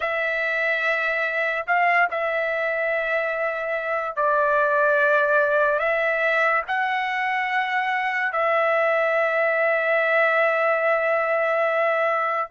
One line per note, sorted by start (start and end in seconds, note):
0.00 1.65 E5
1.66 2.08 F5
2.11 4.16 E5
4.16 5.79 D5
5.79 6.62 E5
6.67 8.32 F#5
8.32 12.49 E5